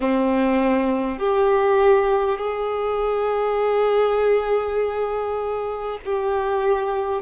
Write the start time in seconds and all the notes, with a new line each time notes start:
0.00 C4
1.18 G4
2.38 G#4
6.05 G4